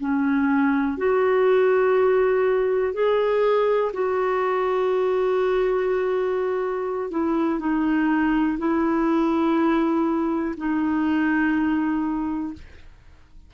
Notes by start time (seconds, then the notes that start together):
0.00 C#4
0.97 F#4
2.94 G#4
3.93 F#4
7.11 E4
7.60 D#4
8.58 E4
10.57 D#4